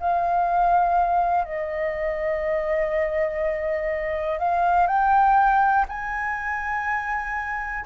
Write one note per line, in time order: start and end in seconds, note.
0.00 1.44 F5
1.44 4.39 D#5
4.39 4.86 F5
4.86 5.85 G5
5.88 7.85 G#5